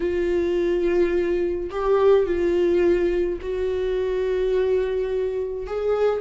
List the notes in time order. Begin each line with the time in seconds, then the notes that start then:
0.00 F4
1.70 G4
2.25 F4
3.41 F#4
5.67 G#4